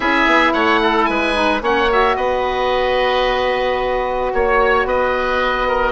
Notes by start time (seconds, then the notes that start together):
0.00 C#4 E4 G#4 E5
0.26 B3
0.52 A3 C#5 F#5
0.82 A4
1.05 G#3 B4 G#5
1.33 D#4
1.59 A#3 C#4 C#5 F#5
1.89 F#4 E5
2.16 B3 B4 D#5
4.33 A#3 C#5
4.85 B3 B4 D#5
5.67 A#4